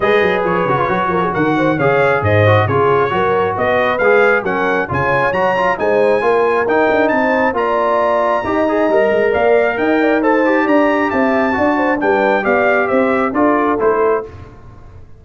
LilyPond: <<
  \new Staff \with { instrumentName = "trumpet" } { \time 4/4 \tempo 4 = 135 dis''4 cis''2 fis''4 | f''4 dis''4 cis''2 | dis''4 f''4 fis''4 gis''4 | ais''4 gis''2 g''4 |
a''4 ais''2.~ | ais''4 f''4 g''4 a''4 | ais''4 a''2 g''4 | f''4 e''4 d''4 c''4 | }
  \new Staff \with { instrumentName = "horn" } { \time 4/4 b'2~ b'8 ais'16 gis'16 ais'8 c''8 | cis''4 c''4 gis'4 ais'4 | b'2 ais'4 cis''4~ | cis''4 c''4 ais'2 |
c''4 d''2 dis''4~ | dis''4 d''4 dis''8 d''8 c''4 | d''4 e''4 d''8 c''8 b'4 | d''4 c''4 a'2 | }
  \new Staff \with { instrumentName = "trombone" } { \time 4/4 gis'4. fis'16 f'16 fis'2 | gis'4. fis'8 f'4 fis'4~ | fis'4 gis'4 cis'4 f'4 | fis'8 f'8 dis'4 f'4 dis'4~ |
dis'4 f'2 g'8 gis'8 | ais'2. a'8 g'8~ | g'2 fis'4 d'4 | g'2 f'4 e'4 | }
  \new Staff \with { instrumentName = "tuba" } { \time 4/4 gis8 fis8 f8 cis8 fis8 f8 dis4 | cis4 gis,4 cis4 fis4 | b4 gis4 fis4 cis4 | fis4 gis4 ais4 dis'8 d'8 |
c'4 ais2 dis'4 | g8 gis8 ais4 dis'2 | d'4 c'4 d'4 g4 | b4 c'4 d'4 a4 | }
>>